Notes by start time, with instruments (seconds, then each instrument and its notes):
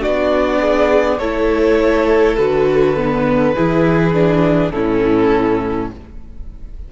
0.00 cello B3, viola D4, violin F#4 D5
0.61 violin G#4
1.18 cello A3, viola E4, violin A4 C#5
2.37 cello D3, viola F#4, violin B4
2.96 viola B3
3.54 cello E3, viola E4, violin G#4
4.13 viola D4
4.70 cello A2, viola C#4, violin E4 A4